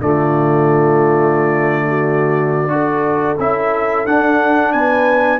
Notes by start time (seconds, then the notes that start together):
0.00 D3 A3 F4 D5
1.88 F#4
2.67 D4 F#4 A4
3.39 C#4 E4 E5
4.06 D4 F#5
4.72 B3 B4 G#5